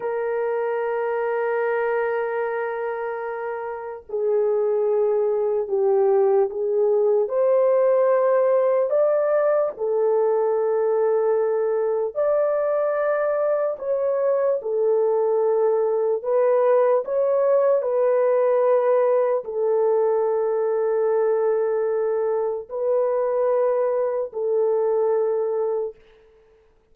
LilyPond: \new Staff \with { instrumentName = "horn" } { \time 4/4 \tempo 4 = 74 ais'1~ | ais'4 gis'2 g'4 | gis'4 c''2 d''4 | a'2. d''4~ |
d''4 cis''4 a'2 | b'4 cis''4 b'2 | a'1 | b'2 a'2 | }